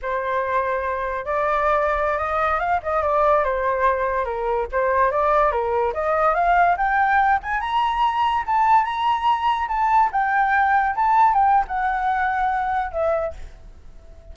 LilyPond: \new Staff \with { instrumentName = "flute" } { \time 4/4 \tempo 4 = 144 c''2. d''4~ | d''4~ d''16 dis''4 f''8 dis''8 d''8.~ | d''16 c''2 ais'4 c''8.~ | c''16 d''4 ais'4 dis''4 f''8.~ |
f''16 g''4. gis''8 ais''4.~ ais''16~ | ais''16 a''4 ais''2 a''8.~ | a''16 g''2 a''4 g''8. | fis''2. e''4 | }